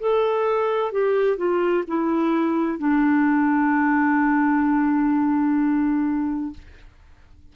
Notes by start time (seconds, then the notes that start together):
0.00 A4
0.92 G4
1.37 F4
1.87 E4
2.78 D4